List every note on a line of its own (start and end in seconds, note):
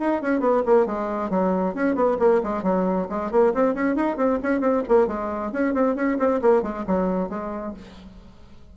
0.00 0.22 D#4
0.22 0.40 C#4
0.40 0.63 B3
0.66 0.86 A#3
0.86 1.30 G#3
1.30 1.75 F#3
1.75 1.95 C#4
1.95 2.18 B3
2.19 2.42 A#3
2.44 2.63 G#3
2.63 3.07 F#3
3.09 3.32 G#3
3.32 3.54 A#3
3.54 3.75 C4
3.75 3.96 C#4
3.96 4.17 D#4
4.17 4.39 C4
4.43 4.61 C#4
4.61 4.83 C4
4.89 5.08 A#3
5.08 5.52 G#3
5.52 5.74 C#4
5.74 5.96 C4
5.96 6.18 C#4
6.19 6.41 C4
6.42 6.63 A#3
6.63 6.85 G#3
6.87 7.29 F#3
7.29 7.74 G#3